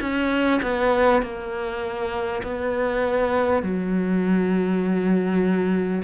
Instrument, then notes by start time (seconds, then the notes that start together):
cello
0.00 C#4
0.62 B3
1.22 A#3
2.43 B3
3.62 F#3